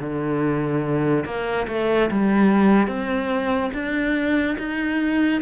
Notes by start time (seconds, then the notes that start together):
0.00 D3
1.25 A#3
1.69 A3
2.11 G3
2.88 C4
3.74 D4
4.59 D#4